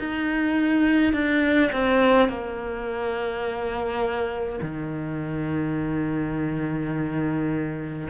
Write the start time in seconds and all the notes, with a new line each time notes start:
0.00 D#4
1.13 D4
1.73 C4
2.29 A#3
4.62 D#3